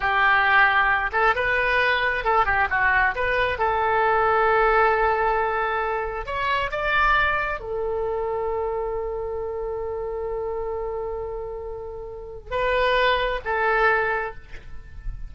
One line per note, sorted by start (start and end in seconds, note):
0.00 1.10 G4
1.12 1.34 A4
1.35 2.24 B4
2.24 2.45 A4
2.45 2.68 G4
2.70 3.14 F#4
3.15 3.58 B4
3.58 6.26 A4
6.26 6.70 C#5
6.71 7.60 D5
7.60 12.50 A4
12.50 13.40 B4
13.45 14.34 A4